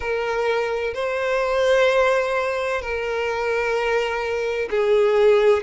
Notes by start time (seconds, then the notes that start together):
0.00 A#4
0.94 C5
2.81 A#4
4.70 G#4